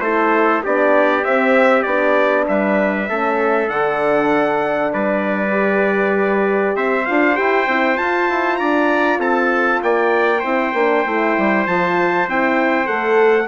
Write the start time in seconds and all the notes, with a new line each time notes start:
0.00 A3 E4 A4 C5
0.64 B3 D4 G4 D5
1.23 C4 E5
1.83 B3 D4 D5
2.48 G3 B4 E5
3.09 A3 C#4 A4
3.68 D3 D4 F#5
4.93 G3 B4 D5
5.50 G4
6.76 C4 C5 E5
7.06 D4 F4 F5
7.35 E4 G4 G5
7.67 C4 E4
7.95 F4 A5
8.30 E4
8.57 D4 D5 A#5
9.18 C4 A4 A5
9.83 A#3 D5 G5
10.40 C4 E4 C5
10.74 A#3 D4
11.06 A3 E4
11.38 G3
11.67 F3 F4 A5
12.28 C4 E4 G5
12.86 A3 A4 F#5